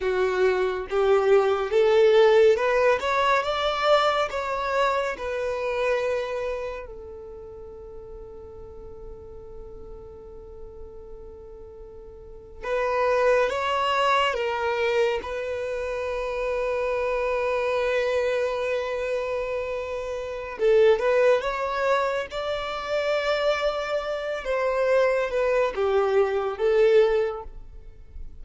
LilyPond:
\new Staff \with { instrumentName = "violin" } { \time 4/4 \tempo 4 = 70 fis'4 g'4 a'4 b'8 cis''8 | d''4 cis''4 b'2 | a'1~ | a'2~ a'8. b'4 cis''16~ |
cis''8. ais'4 b'2~ b'16~ | b'1 | a'8 b'8 cis''4 d''2~ | d''8 c''4 b'8 g'4 a'4 | }